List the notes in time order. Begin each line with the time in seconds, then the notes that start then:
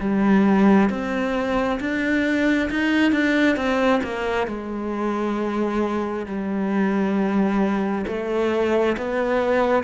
0.00 G3
0.90 C4
1.80 D4
2.70 D#4
3.12 D4
3.56 C4
4.03 A#3
4.47 G#3
6.26 G3
8.07 A3
8.97 B3